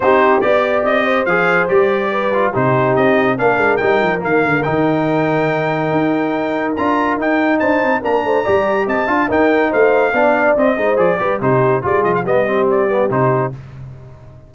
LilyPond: <<
  \new Staff \with { instrumentName = "trumpet" } { \time 4/4 \tempo 4 = 142 c''4 d''4 dis''4 f''4 | d''2 c''4 dis''4 | f''4 g''4 f''4 g''4~ | g''1 |
ais''4 g''4 a''4 ais''4~ | ais''4 a''4 g''4 f''4~ | f''4 dis''4 d''4 c''4 | d''8 dis''16 f''16 dis''4 d''4 c''4 | }
  \new Staff \with { instrumentName = "horn" } { \time 4/4 g'4 d''4. c''4.~ | c''4 b'4 g'2 | ais'1~ | ais'1~ |
ais'2 c''4 ais'8 c''8 | d''4 dis''8 f''8 ais'4 c''4 | d''4. c''4 b'8 g'4 | gis'4 g'2. | }
  \new Staff \with { instrumentName = "trombone" } { \time 4/4 dis'4 g'2 gis'4 | g'4. f'8 dis'2 | d'4 dis'4 ais4 dis'4~ | dis'1 |
f'4 dis'2 d'4 | g'4. f'8 dis'2 | d'4 c'8 dis'8 gis'8 g'8 dis'4 | f'4 b8 c'4 b8 dis'4 | }
  \new Staff \with { instrumentName = "tuba" } { \time 4/4 c'4 b4 c'4 f4 | g2 c4 c'4 | ais8 gis8 g8 f8 dis8 d8 dis4~ | dis2 dis'2 |
d'4 dis'4 d'8 c'8 ais8 a8 | g4 c'8 d'8 dis'4 a4 | b4 c'8 gis8 f8 g8 c4 | g8 f8 g2 c4 | }
>>